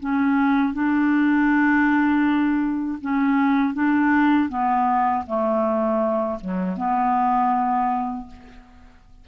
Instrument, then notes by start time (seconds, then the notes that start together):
clarinet
0.00 C#4
0.74 D4
3.02 C#4
3.74 D4
4.49 B3
5.27 A3
6.41 F#3
6.77 B3